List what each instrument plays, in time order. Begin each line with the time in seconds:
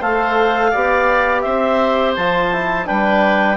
0.00 bassoon A3, trombone A4, oboe C5, clarinet F5
0.71 bassoon B3, trombone G4, oboe D5
1.41 bassoon C4, oboe C5, clarinet E5
2.16 bassoon F3, trombone F4, clarinet A5
2.53 trombone E4
2.86 bassoon G3, trombone D4, oboe B4, clarinet G5